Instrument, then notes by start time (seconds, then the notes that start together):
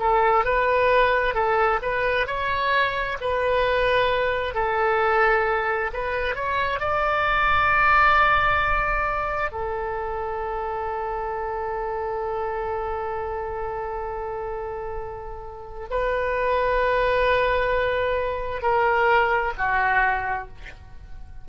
oboe
0.00 A4
0.45 B4
1.35 A4
1.82 B4
2.27 C#5
3.21 B4
4.55 A4
5.93 B4
6.36 C#5
6.80 D5
9.52 A4
15.90 B4
18.62 A#4
19.58 F#4